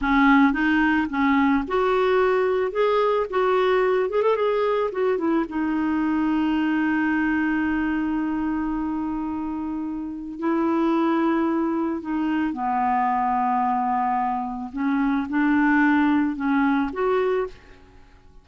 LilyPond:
\new Staff \with { instrumentName = "clarinet" } { \time 4/4 \tempo 4 = 110 cis'4 dis'4 cis'4 fis'4~ | fis'4 gis'4 fis'4. gis'16 a'16 | gis'4 fis'8 e'8 dis'2~ | dis'1~ |
dis'2. e'4~ | e'2 dis'4 b4~ | b2. cis'4 | d'2 cis'4 fis'4 | }